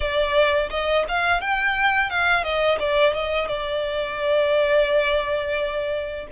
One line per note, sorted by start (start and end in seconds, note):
0.00 0.69 D5
0.70 1.05 D#5
1.08 1.40 F5
1.40 2.10 G5
2.10 2.43 F5
2.43 2.78 D#5
2.79 3.13 D5
3.13 3.48 D#5
3.48 6.27 D5